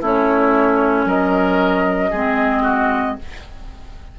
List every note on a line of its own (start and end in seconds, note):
0.00 1.05 A3
0.00 2.12 C#4
0.00 1.05 E4
0.00 1.08 C#5
1.05 2.10 F#3
1.05 2.10 A#4
1.05 3.19 D#5
2.10 3.17 G#3
2.10 3.18 C4
2.10 2.62 G#4
2.62 3.15 F#4